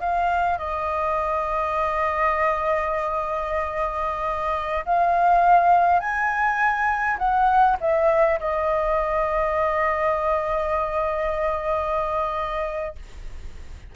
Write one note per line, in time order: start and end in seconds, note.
0.00 0.58 F5
0.58 4.84 D#5
4.85 5.99 F5
5.99 7.17 G#5
7.18 7.76 F#5
7.80 8.39 E5
8.39 12.95 D#5